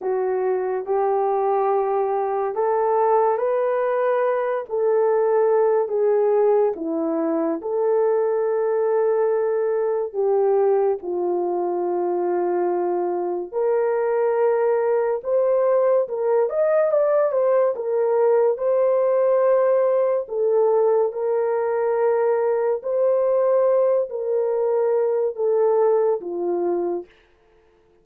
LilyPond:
\new Staff \with { instrumentName = "horn" } { \time 4/4 \tempo 4 = 71 fis'4 g'2 a'4 | b'4. a'4. gis'4 | e'4 a'2. | g'4 f'2. |
ais'2 c''4 ais'8 dis''8 | d''8 c''8 ais'4 c''2 | a'4 ais'2 c''4~ | c''8 ais'4. a'4 f'4 | }